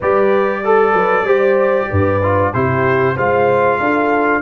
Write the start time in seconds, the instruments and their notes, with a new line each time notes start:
0.00 tuba G3, trombone G4, horn B4, trumpet D5
0.64 trombone A4, horn A4
0.92 tuba F#3, horn B4
1.24 tuba G3, trombone G4, horn C5
1.89 tuba G2, horn B4
2.22 trombone F4
2.53 tuba C3, trombone E4, horn G4, trumpet C5
3.15 tuba G#3, trombone F4, horn C5, trumpet F5
3.79 tuba D4, horn A4